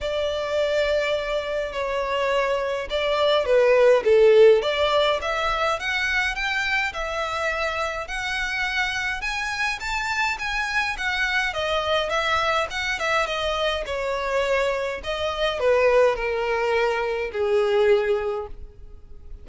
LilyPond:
\new Staff \with { instrumentName = "violin" } { \time 4/4 \tempo 4 = 104 d''2. cis''4~ | cis''4 d''4 b'4 a'4 | d''4 e''4 fis''4 g''4 | e''2 fis''2 |
gis''4 a''4 gis''4 fis''4 | dis''4 e''4 fis''8 e''8 dis''4 | cis''2 dis''4 b'4 | ais'2 gis'2 | }